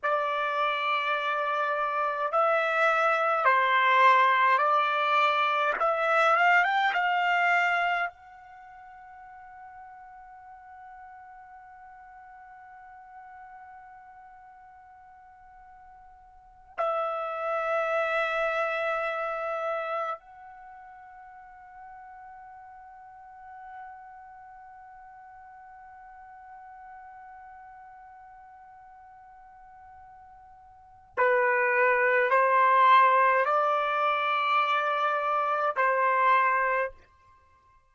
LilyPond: \new Staff \with { instrumentName = "trumpet" } { \time 4/4 \tempo 4 = 52 d''2 e''4 c''4 | d''4 e''8 f''16 g''16 f''4 fis''4~ | fis''1~ | fis''2~ fis''8 e''4.~ |
e''4. fis''2~ fis''8~ | fis''1~ | fis''2. b'4 | c''4 d''2 c''4 | }